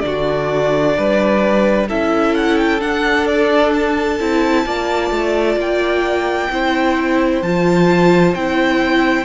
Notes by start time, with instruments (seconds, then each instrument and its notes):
0.00 cello D3, viola D4, violin D5
0.07 violin F#4
0.97 cello G3, violin B4
1.88 cello C#4, viola E4, violin A4 E5
2.35 violin F#5
2.57 violin G5
2.80 viola D4, cello D4, violin F#5
3.27 violin D5
3.74 violin A5
4.20 cello C4, viola E4
4.65 cello A#3, viola F4, violin D5
5.11 cello A3
5.56 cello A#3, violin G5
6.50 cello C4, viola E4, violin C5
7.42 cello F3, viola F4, violin A5
8.35 cello C4, viola E4, violin G5